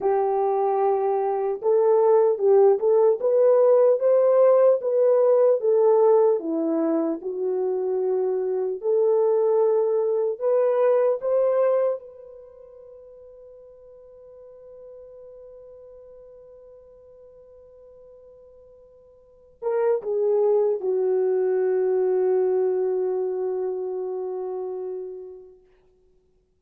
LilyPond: \new Staff \with { instrumentName = "horn" } { \time 4/4 \tempo 4 = 75 g'2 a'4 g'8 a'8 | b'4 c''4 b'4 a'4 | e'4 fis'2 a'4~ | a'4 b'4 c''4 b'4~ |
b'1~ | b'1~ | b'8 ais'8 gis'4 fis'2~ | fis'1 | }